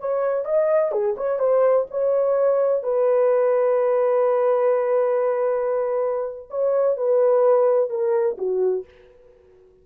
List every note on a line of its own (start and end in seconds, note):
0.00 0.45 C#5
0.45 0.92 D#5
0.92 1.16 G#4
1.17 1.39 C#5
1.39 1.87 C5
1.91 2.83 C#5
2.83 6.49 B4
6.50 6.97 C#5
6.97 7.90 B4
7.90 8.37 A#4
8.38 8.85 F#4